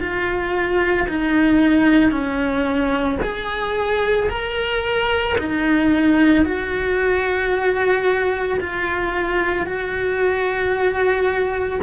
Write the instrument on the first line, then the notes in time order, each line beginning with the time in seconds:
cello
0.00 F4
1.08 D#4
2.11 C#4
3.22 G#4
4.30 A#4
5.38 D#4
6.45 F#4
8.60 F4
9.66 F#4